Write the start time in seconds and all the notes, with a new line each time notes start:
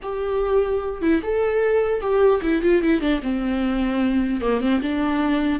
0.02 G4
1.01 E4
1.22 A4
2.01 G4
2.42 E4
2.61 F4
2.82 E4
3.00 D4
3.22 C4
4.41 A#3
4.60 C4
4.81 D4